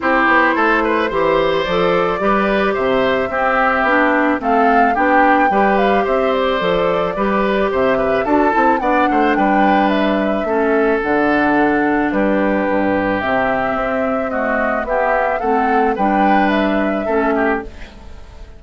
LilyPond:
<<
  \new Staff \with { instrumentName = "flute" } { \time 4/4 \tempo 4 = 109 c''2. d''4~ | d''4 e''2. | f''4 g''4. f''8 e''8 d''8~ | d''2 e''4 a''4 |
fis''4 g''4 e''2 | fis''2 b'2 | e''2 dis''4 e''4 | fis''4 g''4 e''2 | }
  \new Staff \with { instrumentName = "oboe" } { \time 4/4 g'4 a'8 b'8 c''2 | b'4 c''4 g'2 | a'4 g'4 b'4 c''4~ | c''4 b'4 c''8 b'8 a'4 |
d''8 c''8 b'2 a'4~ | a'2 g'2~ | g'2 fis'4 g'4 | a'4 b'2 a'8 g'8 | }
  \new Staff \with { instrumentName = "clarinet" } { \time 4/4 e'2 g'4 a'4 | g'2 c'4 d'4 | c'4 d'4 g'2 | a'4 g'2 fis'8 e'8 |
d'2. cis'4 | d'1 | c'2 a4 b4 | c'4 d'2 cis'4 | }
  \new Staff \with { instrumentName = "bassoon" } { \time 4/4 c'8 b8 a4 e4 f4 | g4 c4 c'4 b4 | a4 b4 g4 c'4 | f4 g4 c4 d'8 c'8 |
b8 a8 g2 a4 | d2 g4 g,4 | c4 c'2 b4 | a4 g2 a4 | }
>>